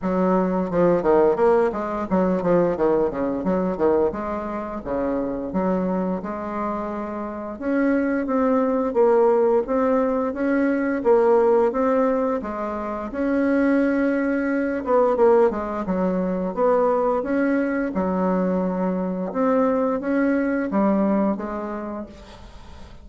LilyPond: \new Staff \with { instrumentName = "bassoon" } { \time 4/4 \tempo 4 = 87 fis4 f8 dis8 ais8 gis8 fis8 f8 | dis8 cis8 fis8 dis8 gis4 cis4 | fis4 gis2 cis'4 | c'4 ais4 c'4 cis'4 |
ais4 c'4 gis4 cis'4~ | cis'4. b8 ais8 gis8 fis4 | b4 cis'4 fis2 | c'4 cis'4 g4 gis4 | }